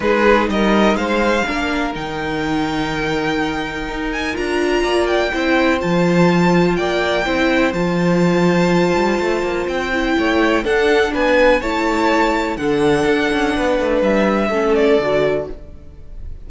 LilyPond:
<<
  \new Staff \with { instrumentName = "violin" } { \time 4/4 \tempo 4 = 124 b'4 dis''4 f''2 | g''1~ | g''8 gis''8 ais''4. g''4. | a''2 g''2 |
a''1 | g''2 fis''4 gis''4 | a''2 fis''2~ | fis''4 e''4. d''4. | }
  \new Staff \with { instrumentName = "violin" } { \time 4/4 gis'4 ais'4 c''4 ais'4~ | ais'1~ | ais'2 d''4 c''4~ | c''2 d''4 c''4~ |
c''1~ | c''4 cis''4 a'4 b'4 | cis''2 a'2 | b'2 a'2 | }
  \new Staff \with { instrumentName = "viola" } { \time 4/4 dis'2. d'4 | dis'1~ | dis'4 f'2 e'4 | f'2. e'4 |
f'1~ | f'8 e'4. d'2 | e'2 d'2~ | d'2 cis'4 fis'4 | }
  \new Staff \with { instrumentName = "cello" } { \time 4/4 gis4 g4 gis4 ais4 | dis1 | dis'4 d'4 ais4 c'4 | f2 ais4 c'4 |
f2~ f8 g8 a8 ais8 | c'4 a4 d'4 b4 | a2 d4 d'8 cis'8 | b8 a8 g4 a4 d4 | }
>>